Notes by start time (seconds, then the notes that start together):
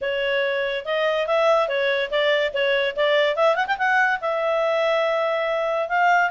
0.01 C#5
0.85 D#5
1.26 E5
1.68 C#5
2.10 D5
2.53 C#5
2.96 D5
3.36 E5
3.55 F#5
3.66 G5
3.78 F#5
4.21 E5
5.88 F5